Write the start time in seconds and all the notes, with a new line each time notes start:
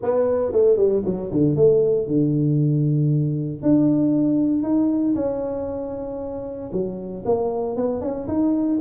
0.02 B3
0.52 A3
0.76 G3
1.05 F#3
1.31 D3
1.56 A3
2.07 D3
3.62 D4
4.62 D#4
5.15 C#4
6.72 F#3
7.25 A#3
7.76 B3
8.01 C#4
8.27 D#4